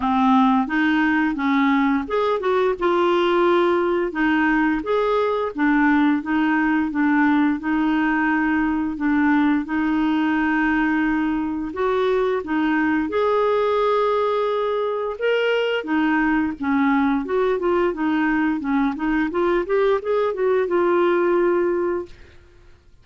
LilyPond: \new Staff \with { instrumentName = "clarinet" } { \time 4/4 \tempo 4 = 87 c'4 dis'4 cis'4 gis'8 fis'8 | f'2 dis'4 gis'4 | d'4 dis'4 d'4 dis'4~ | dis'4 d'4 dis'2~ |
dis'4 fis'4 dis'4 gis'4~ | gis'2 ais'4 dis'4 | cis'4 fis'8 f'8 dis'4 cis'8 dis'8 | f'8 g'8 gis'8 fis'8 f'2 | }